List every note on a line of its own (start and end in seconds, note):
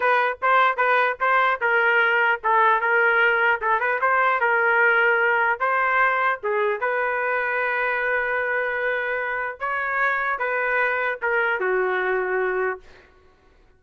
0.00 0.38 B4
0.41 0.76 C5
0.76 1.16 B4
1.20 1.60 C5
1.60 2.40 A#4
2.43 2.80 A4
2.80 3.60 A#4
3.61 3.80 A4
3.80 4.00 B4
4.01 4.40 C5
4.40 5.59 A#4
5.59 6.39 C5
6.43 6.80 G#4
6.80 9.59 B4
9.59 10.38 C#5
10.38 11.18 B4
11.21 11.60 A#4
11.60 12.80 F#4